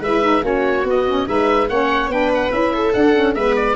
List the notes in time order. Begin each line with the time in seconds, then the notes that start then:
0.00 G#3 E4 B4 E5
0.22 D#4
0.42 A#3 C#4 F#4 C#5
0.84 B3 D#5
1.08 C#4
1.26 G#3 D#4 B4 E5
1.69 A#3 C#4 C#5 F#5
2.08 B3 D4 B4 G5
2.34 F#5
2.51 C#4 E4 E5
2.73 A4
2.93 D4 F#5
3.15 C#4
3.34 G#3 B3 B4 E5
3.55 D5